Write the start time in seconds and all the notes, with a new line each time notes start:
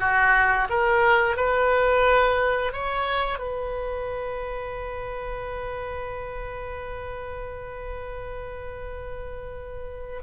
0.00 F#4
0.70 A#4
1.37 B4
2.73 C#5
3.39 B4